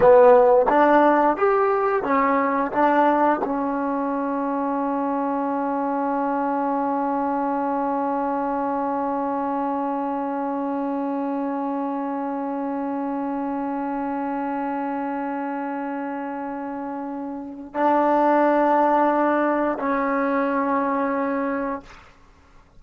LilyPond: \new Staff \with { instrumentName = "trombone" } { \time 4/4 \tempo 4 = 88 b4 d'4 g'4 cis'4 | d'4 cis'2.~ | cis'1~ | cis'1~ |
cis'1~ | cis'1~ | cis'2 d'2~ | d'4 cis'2. | }